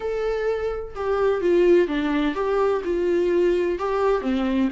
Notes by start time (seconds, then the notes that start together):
0.00 A4
0.95 G4
1.41 F4
1.87 D4
2.34 G4
2.84 F4
3.78 G4
4.21 C4